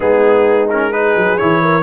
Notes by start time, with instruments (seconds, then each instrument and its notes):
0.00 tuba G#3, trombone B3, horn D#4, trumpet G#4
0.69 trombone C#4, trumpet A#4
0.92 trombone D#4, horn G#4, trumpet B4
1.16 tuba F#3
1.37 tuba E3, trombone E4, trumpet C#5
1.61 horn A#4